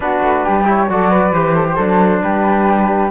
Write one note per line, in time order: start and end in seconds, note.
0.00 0.19 B3
0.00 0.63 D4
0.00 0.44 F#4
0.00 0.66 B4
0.22 0.44 A3
0.44 0.89 G3
0.44 0.88 G4
0.65 0.87 E4
0.65 0.90 C#5
0.89 1.31 F#3
0.89 1.33 F#4
0.89 1.10 A4
0.89 1.33 D5
1.10 1.55 B4
1.31 1.76 E3
1.31 1.77 G4
1.31 2.22 C5
1.55 1.66 A4
1.67 1.75 G4
1.75 2.22 F#3
1.75 3.10 D4
1.75 2.20 A4
2.22 3.10 G3
2.22 3.10 G4
2.22 3.10 B4